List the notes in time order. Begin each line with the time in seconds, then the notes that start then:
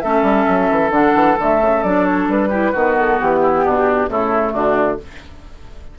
0.00 A3 C#4 A4 E5
0.22 G3
0.48 F#3
0.70 E3
0.90 D3 D4 F#5
1.14 E3
1.38 D3 A3 E5
1.61 C#3
1.83 F#3 D4 D5
2.05 C#5
2.28 G3 B4
2.49 E4 G4
2.71 D#3 B3 F#4
2.98 A4
3.20 E3 G4
3.42 E4
3.64 B2 D4
4.08 C#3 A3 E4 A4
4.52 D3 D4 F#4